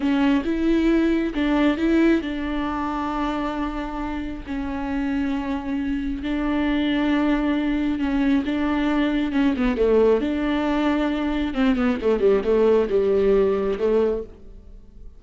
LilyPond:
\new Staff \with { instrumentName = "viola" } { \time 4/4 \tempo 4 = 135 cis'4 e'2 d'4 | e'4 d'2.~ | d'2 cis'2~ | cis'2 d'2~ |
d'2 cis'4 d'4~ | d'4 cis'8 b8 a4 d'4~ | d'2 c'8 b8 a8 g8 | a4 g2 a4 | }